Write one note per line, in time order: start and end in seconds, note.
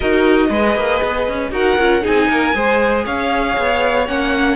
0.00 0.49 D#4
0.00 0.49 F#4
0.00 0.46 A#4
0.00 1.52 D#5
0.49 0.75 G#3
0.49 1.51 G#4
0.49 1.50 B4
0.75 1.00 A#3
1.02 1.28 B3
1.28 1.51 C#4
1.51 1.77 D#4
1.51 1.76 F#4
1.51 2.02 A#4
1.51 2.05 F#5
1.77 2.03 C#4
1.77 2.01 F4
2.01 2.52 D#4
2.01 2.28 G#4
2.01 3.06 G#5
2.07 2.28 C4
2.28 2.53 A#3
2.28 2.55 A#4
2.53 3.05 G#3
2.53 4.06 G#4
2.53 3.04 C5
3.04 3.56 C#4
3.04 4.56 C#5
3.04 4.07 F5
3.57 4.08 B3
4.06 4.56 A#3
4.06 4.56 C#4
4.06 4.56 F#5